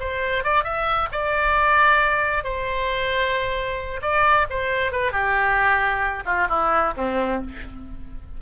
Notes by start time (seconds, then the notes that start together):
0.00 C5
0.44 D5
0.64 E5
1.12 D5
2.44 C5
4.02 D5
4.50 C5
4.92 B4
5.12 G4
6.26 F4
6.49 E4
6.97 C4